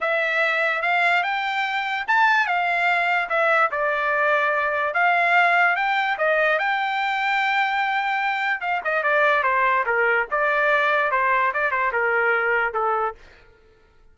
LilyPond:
\new Staff \with { instrumentName = "trumpet" } { \time 4/4 \tempo 4 = 146 e''2 f''4 g''4~ | g''4 a''4 f''2 | e''4 d''2. | f''2 g''4 dis''4 |
g''1~ | g''4 f''8 dis''8 d''4 c''4 | ais'4 d''2 c''4 | d''8 c''8 ais'2 a'4 | }